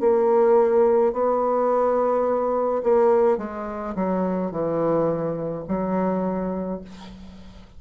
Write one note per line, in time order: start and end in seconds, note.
0.00 1.13 A#3
1.13 2.83 B3
2.84 3.38 A#3
3.38 3.95 G#3
3.95 4.51 F#3
4.51 5.64 E3
5.69 6.82 F#3